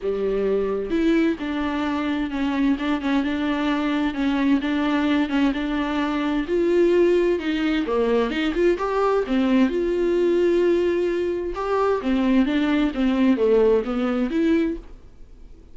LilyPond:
\new Staff \with { instrumentName = "viola" } { \time 4/4 \tempo 4 = 130 g2 e'4 d'4~ | d'4 cis'4 d'8 cis'8 d'4~ | d'4 cis'4 d'4. cis'8 | d'2 f'2 |
dis'4 ais4 dis'8 f'8 g'4 | c'4 f'2.~ | f'4 g'4 c'4 d'4 | c'4 a4 b4 e'4 | }